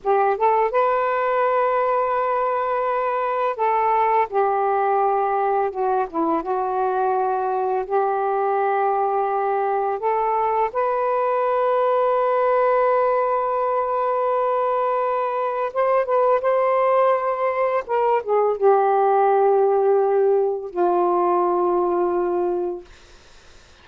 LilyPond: \new Staff \with { instrumentName = "saxophone" } { \time 4/4 \tempo 4 = 84 g'8 a'8 b'2.~ | b'4 a'4 g'2 | fis'8 e'8 fis'2 g'4~ | g'2 a'4 b'4~ |
b'1~ | b'2 c''8 b'8 c''4~ | c''4 ais'8 gis'8 g'2~ | g'4 f'2. | }